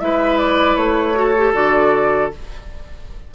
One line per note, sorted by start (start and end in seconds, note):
0.00 0.77 G#3
0.00 1.15 E4
0.00 1.20 B4
0.00 0.38 E5
0.39 0.77 D5
0.77 1.54 A3
0.77 1.54 C#5
1.15 1.34 F#4
1.15 2.35 A4
1.37 1.54 G4
1.54 2.31 D3
1.54 2.31 F#4
1.54 2.32 D5